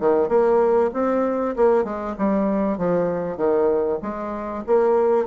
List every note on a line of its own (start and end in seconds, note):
0.00 0.29 D#3
0.29 0.91 A#3
0.94 1.56 C4
1.57 1.84 A#3
1.84 2.15 G#3
2.18 2.78 G3
2.78 3.37 F3
3.37 3.99 D#3
4.03 4.64 G#3
4.67 5.27 A#3